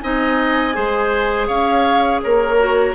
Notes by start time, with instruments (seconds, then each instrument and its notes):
0.00 bassoon C4, clarinet D#4, oboe D#5, flute G#5
0.73 bassoon G#3, clarinet G#4, oboe C5
1.47 bassoon C#4, oboe C#5, flute F5
2.21 bassoon A#3, oboe A#4, flute C#5
2.59 clarinet F#4